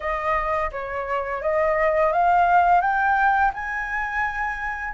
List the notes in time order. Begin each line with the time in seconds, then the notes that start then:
0.00 D#5
0.71 C#5
1.41 D#5
2.12 F5
2.81 G5
3.53 G#5